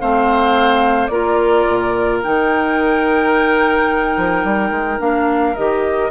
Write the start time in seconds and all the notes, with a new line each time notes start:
0.00 A3 C4 C5 F5
1.07 A#3 F4 A#4 D5
1.68 A#2
2.23 D#3 D#4 G5
4.17 F3
4.44 G3
4.70 G#3
4.99 A#3 D4 F5
5.56 D#3 G4 D#5